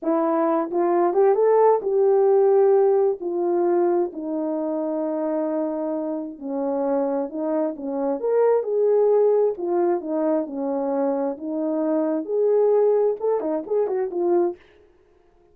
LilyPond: \new Staff \with { instrumentName = "horn" } { \time 4/4 \tempo 4 = 132 e'4. f'4 g'8 a'4 | g'2. f'4~ | f'4 dis'2.~ | dis'2 cis'2 |
dis'4 cis'4 ais'4 gis'4~ | gis'4 f'4 dis'4 cis'4~ | cis'4 dis'2 gis'4~ | gis'4 a'8 dis'8 gis'8 fis'8 f'4 | }